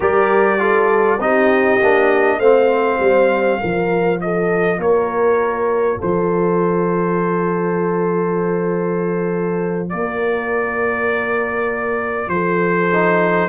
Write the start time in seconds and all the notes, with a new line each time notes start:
0.00 G3 G4 A#4 D5
0.58 F4 A4
1.19 C4 D#4 G4 D#5
1.81 A#3 D4
2.38 A3 C4 C5 F5
2.99 G3
3.60 F3 F4 A#4
4.20 A4 D#5
4.78 A#3 A#4 C#5
5.98 F3 A4 C5
9.89 A#3 A#4 D5
12.28 F3 A4 C5
12.93 D#4